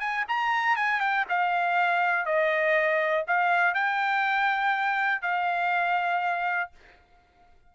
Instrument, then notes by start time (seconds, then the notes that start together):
trumpet
0.00 G#5
0.28 A#5
0.76 G#5
1.01 G5
1.29 F5
2.26 D#5
3.27 F5
3.75 G5
5.22 F5